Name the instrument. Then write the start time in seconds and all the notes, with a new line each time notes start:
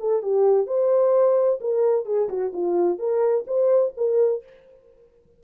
horn
0.00 A4
0.23 G4
0.67 C5
1.61 A#4
2.05 G#4
2.29 F#4
2.53 F4
2.99 A#4
3.47 C5
3.97 A#4